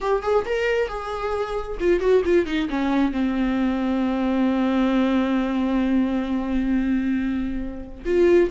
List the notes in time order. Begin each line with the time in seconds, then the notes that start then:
0.00 G4
0.22 G#4
0.45 A#4
0.88 G#4
1.80 F4
2.00 F#4
2.24 F4
2.45 D#4
2.69 C#4
3.11 C4
8.05 F4